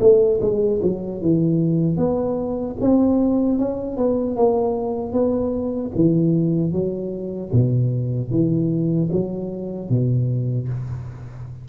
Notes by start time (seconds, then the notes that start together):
0.00 A3
0.41 G#3
0.82 F#3
1.21 E3
1.97 B3
2.80 C4
3.58 C#4
3.97 B3
4.36 A#3
5.12 B3
5.95 E3
6.72 F#3
7.52 B2
8.30 E3
9.12 F#3
9.89 B2